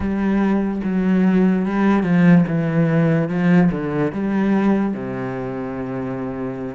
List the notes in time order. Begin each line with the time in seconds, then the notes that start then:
0.00 G3
0.83 F#3
1.65 G3
2.03 F3
2.47 E3
3.28 F3
3.71 D3
4.12 G3
4.93 C3